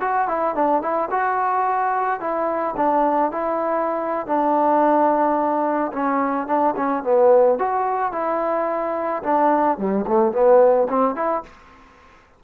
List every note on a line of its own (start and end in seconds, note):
0.00 0.28 F#4
0.28 0.55 E4
0.55 0.82 D4
0.82 1.09 E4
1.11 2.20 F#4
2.20 2.75 E4
2.76 3.31 D4
3.31 4.26 E4
4.26 5.91 D4
5.92 6.47 C#4
6.47 6.74 D4
6.76 7.03 C#4
7.03 7.58 B3
7.58 8.12 F#4
8.12 9.22 E4
9.23 9.78 D4
9.78 10.05 G3
10.07 10.32 A3
10.32 10.87 B3
10.89 11.15 C4
11.15 11.43 E4